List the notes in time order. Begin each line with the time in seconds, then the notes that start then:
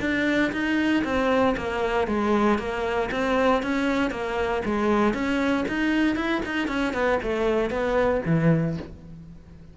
0.00 D4
0.52 D#4
1.04 C4
1.57 A#3
2.07 G#3
2.58 A#3
3.11 C4
3.62 C#4
4.10 A#3
4.65 G#3
5.13 C#4
5.68 D#4
6.15 E4
6.45 D#4
6.67 C#4
6.93 B3
7.22 A3
7.70 B3
8.25 E3